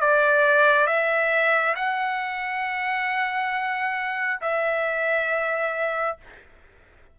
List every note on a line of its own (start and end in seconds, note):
0.00 0.86 D5
0.86 1.74 E5
1.75 4.40 F#5
4.41 6.18 E5